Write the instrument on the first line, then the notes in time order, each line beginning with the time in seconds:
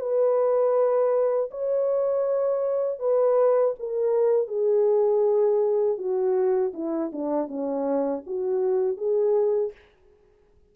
horn
0.00 B4
1.51 C#5
2.99 B4
3.79 A#4
4.48 G#4
5.98 F#4
6.74 E4
7.12 D4
7.48 C#4
8.26 F#4
8.97 G#4